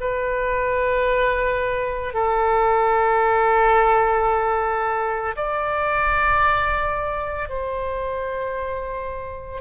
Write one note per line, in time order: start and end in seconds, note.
0.00 2.13 B4
2.13 5.35 A4
5.36 7.49 D5
7.49 9.61 C5